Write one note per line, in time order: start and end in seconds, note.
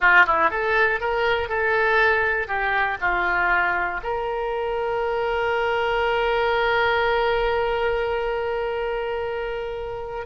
0.00 0.25 F4
0.26 0.50 E4
0.50 1.00 A4
1.00 1.48 A#4
1.48 2.47 A4
2.47 2.97 G4
3.00 4.00 F4
4.02 10.26 A#4